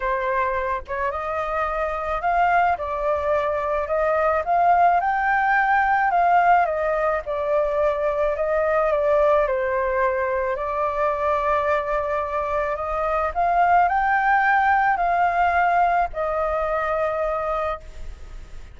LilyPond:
\new Staff \with { instrumentName = "flute" } { \time 4/4 \tempo 4 = 108 c''4. cis''8 dis''2 | f''4 d''2 dis''4 | f''4 g''2 f''4 | dis''4 d''2 dis''4 |
d''4 c''2 d''4~ | d''2. dis''4 | f''4 g''2 f''4~ | f''4 dis''2. | }